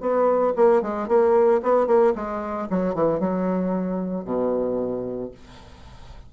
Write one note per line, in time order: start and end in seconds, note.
0.00 0.53 B3
0.56 0.82 A#3
0.82 1.08 G#3
1.08 1.61 A#3
1.63 1.87 B3
1.87 2.13 A#3
2.15 2.68 G#3
2.70 2.94 F#3
2.94 3.20 E3
3.20 4.25 F#3
4.25 5.31 B2